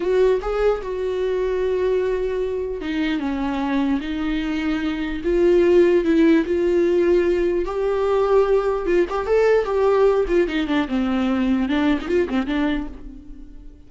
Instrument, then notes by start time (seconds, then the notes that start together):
viola
0.00 F#4
0.41 G#4
0.82 F#4
2.81 D#4
3.19 C#4
4.00 D#4
5.24 F4
6.04 E4
6.45 F4
7.65 G4
8.86 F4
9.09 G4
9.26 A4
9.64 G4
10.28 F4
10.47 D#4
10.67 D4
10.88 C4
11.69 D4
12.01 D#4
12.07 F4
12.29 C4
12.46 D4